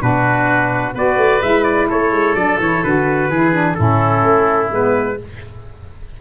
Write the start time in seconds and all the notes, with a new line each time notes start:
0.00 B2 D4 F#4 B4
0.94 B3 F#4 B4 D5
1.17 A3
1.42 G#3 E4 E5
1.64 D5
1.88 A3 A4 C#5
2.11 G#3
2.35 F#3 D4 D5
2.60 E3 E4 C#5
2.83 D3 F#4 B4
3.29 E3 E4 G#4
3.54 D4
3.74 A2 C#4 E4 A4
4.23 A3
4.70 G#3 B3 B4